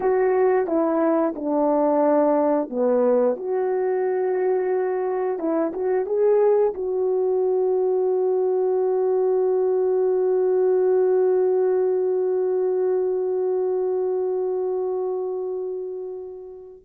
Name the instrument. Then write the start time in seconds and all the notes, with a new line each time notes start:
horn
0.00 F#4
0.66 E4
1.35 D4
2.69 B3
3.36 F#4
5.38 E4
5.73 F#4
6.06 G#4
6.74 F#4